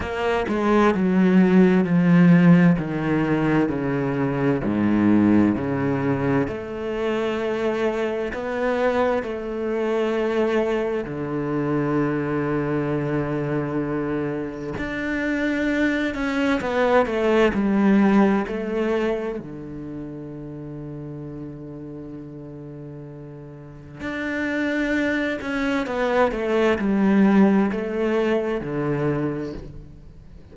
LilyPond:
\new Staff \with { instrumentName = "cello" } { \time 4/4 \tempo 4 = 65 ais8 gis8 fis4 f4 dis4 | cis4 gis,4 cis4 a4~ | a4 b4 a2 | d1 |
d'4. cis'8 b8 a8 g4 | a4 d2.~ | d2 d'4. cis'8 | b8 a8 g4 a4 d4 | }